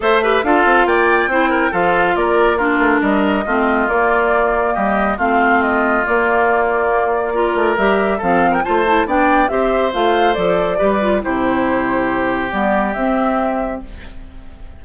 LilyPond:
<<
  \new Staff \with { instrumentName = "flute" } { \time 4/4 \tempo 4 = 139 e''4 f''4 g''2 | f''4 d''4 ais'4 dis''4~ | dis''4 d''2 dis''4 | f''4 dis''4 d''2~ |
d''2 e''4 f''8. g''16 | a''4 g''4 e''4 f''4 | d''2 c''2~ | c''4 d''4 e''2 | }
  \new Staff \with { instrumentName = "oboe" } { \time 4/4 c''8 b'8 a'4 d''4 c''8 ais'8 | a'4 ais'4 f'4 ais'4 | f'2. g'4 | f'1~ |
f'4 ais'2 a'8. ais'16 | c''4 d''4 c''2~ | c''4 b'4 g'2~ | g'1 | }
  \new Staff \with { instrumentName = "clarinet" } { \time 4/4 a'8 g'8 f'2 e'4 | f'2 d'2 | c'4 ais2. | c'2 ais2~ |
ais4 f'4 g'4 c'4 | f'8 e'8 d'4 g'4 f'4 | a'4 g'8 f'8 e'2~ | e'4 b4 c'2 | }
  \new Staff \with { instrumentName = "bassoon" } { \time 4/4 a4 d'8 c'8 ais4 c'4 | f4 ais4. a8 g4 | a4 ais2 g4 | a2 ais2~ |
ais4. a8 g4 f4 | a4 b4 c'4 a4 | f4 g4 c2~ | c4 g4 c'2 | }
>>